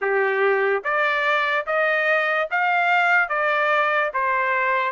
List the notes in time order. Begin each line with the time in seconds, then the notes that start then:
0.01 G4
0.84 D5
1.66 D#5
2.50 F5
3.29 D5
4.13 C5